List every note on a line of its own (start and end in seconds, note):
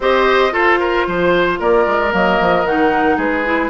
0.00 0.51 C4
0.00 0.50 G4
0.00 0.52 C5
0.00 0.54 D#5
0.50 2.10 F4
0.50 1.06 F4
0.50 0.79 A4
0.50 1.60 C5
0.79 1.06 A#4
1.07 1.59 F3
1.07 1.59 C5
1.59 1.86 A#3
1.59 3.17 A#4
1.59 2.13 D5
1.86 2.13 G#3
2.11 2.39 F#3
2.11 2.64 A#3
2.11 2.66 D#5
2.40 2.64 F3
2.64 3.17 D#3
2.64 3.44 D#4
2.64 3.19 F#5
3.17 3.70 G#3
3.17 3.70 G#4
3.17 3.70 B4
3.44 3.70 E4